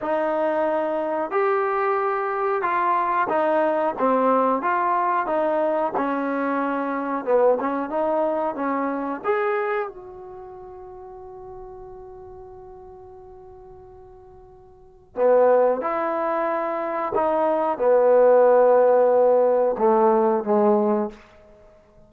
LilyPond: \new Staff \with { instrumentName = "trombone" } { \time 4/4 \tempo 4 = 91 dis'2 g'2 | f'4 dis'4 c'4 f'4 | dis'4 cis'2 b8 cis'8 | dis'4 cis'4 gis'4 fis'4~ |
fis'1~ | fis'2. b4 | e'2 dis'4 b4~ | b2 a4 gis4 | }